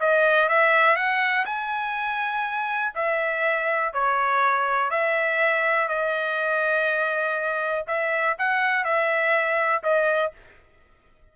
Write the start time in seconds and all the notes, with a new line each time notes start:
0.00 D#5
0.49 E5
0.96 F#5
1.46 G#5
2.95 E5
3.93 C#5
4.90 E5
5.88 D#5
7.87 E5
8.38 F#5
8.85 E5
9.83 D#5